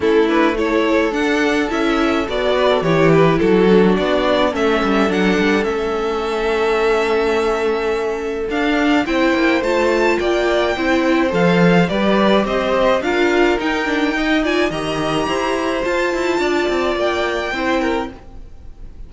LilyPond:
<<
  \new Staff \with { instrumentName = "violin" } { \time 4/4 \tempo 4 = 106 a'8 b'8 cis''4 fis''4 e''4 | d''4 cis''8 b'8 a'4 d''4 | e''4 fis''4 e''2~ | e''2. f''4 |
g''4 a''4 g''2 | f''4 d''4 dis''4 f''4 | g''4. gis''8 ais''2 | a''2 g''2 | }
  \new Staff \with { instrumentName = "violin" } { \time 4/4 e'4 a'2.~ | a'8 b'16 a'16 g'4 fis'2 | a'1~ | a'1 |
c''2 d''4 c''4~ | c''4 b'4 c''4 ais'4~ | ais'4 dis''8 d''8 dis''4 c''4~ | c''4 d''2 c''8 ais'8 | }
  \new Staff \with { instrumentName = "viola" } { \time 4/4 cis'8 d'8 e'4 d'4 e'4 | fis'4 e'4. d'4. | cis'4 d'4 cis'2~ | cis'2. d'4 |
e'4 f'2 e'4 | a'4 g'2 f'4 | dis'8 d'8 dis'8 f'8 g'2 | f'2. e'4 | }
  \new Staff \with { instrumentName = "cello" } { \time 4/4 a2 d'4 cis'4 | b4 e4 fis4 b4 | a8 g8 fis8 g8 a2~ | a2. d'4 |
c'8 ais8 a4 ais4 c'4 | f4 g4 c'4 d'4 | dis'2 dis4 e'4 | f'8 e'8 d'8 c'8 ais4 c'4 | }
>>